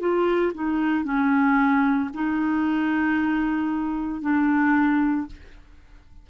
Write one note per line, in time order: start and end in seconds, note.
0.00 0.53 F4
0.55 1.05 D#4
1.05 2.10 C#4
2.14 4.22 D#4
4.22 5.27 D4